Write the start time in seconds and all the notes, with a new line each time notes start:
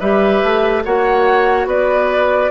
0.00 G3 G4 B4 E5
0.44 A3
0.84 A#3 F#4 C#5 F#5
1.67 B3 B4 D5